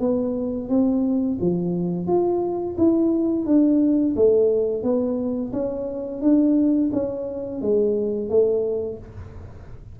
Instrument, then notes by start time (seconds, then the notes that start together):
tuba
0.00 B3
0.69 C4
1.41 F3
2.07 F4
2.78 E4
3.46 D4
4.16 A3
4.83 B3
5.53 C#4
6.21 D4
6.92 C#4
7.62 G#3
8.29 A3